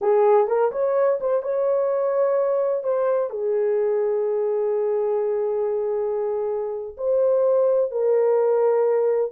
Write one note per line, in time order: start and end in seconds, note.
0.01 0.47 G#4
0.47 0.71 A#4
0.71 1.19 C#5
1.20 1.42 C5
1.42 2.83 C#5
2.83 3.30 C5
3.30 6.96 G#4
6.97 7.91 C5
7.91 9.31 A#4